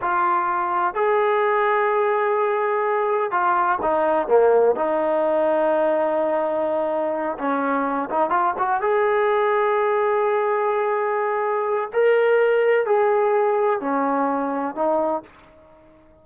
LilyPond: \new Staff \with { instrumentName = "trombone" } { \time 4/4 \tempo 4 = 126 f'2 gis'2~ | gis'2. f'4 | dis'4 ais4 dis'2~ | dis'2.~ dis'8 cis'8~ |
cis'4 dis'8 f'8 fis'8 gis'4.~ | gis'1~ | gis'4 ais'2 gis'4~ | gis'4 cis'2 dis'4 | }